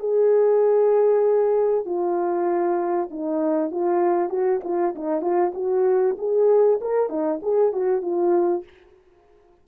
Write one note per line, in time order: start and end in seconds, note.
0.00 1.86 G#4
1.86 3.09 F4
3.11 3.71 D#4
3.71 4.30 F4
4.30 4.61 F#4
4.64 4.95 F4
4.96 5.22 D#4
5.22 5.52 F4
5.55 6.17 F#4
6.19 6.80 G#4
6.82 7.10 A#4
7.10 7.41 D#4
7.43 7.73 G#4
7.73 8.02 F#4
8.02 8.64 F4